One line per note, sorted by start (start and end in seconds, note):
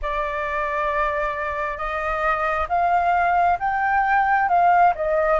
0.02 1.77 D5
1.77 2.67 D#5
2.68 3.58 F5
3.59 4.48 G5
4.49 4.93 F5
4.95 5.40 D#5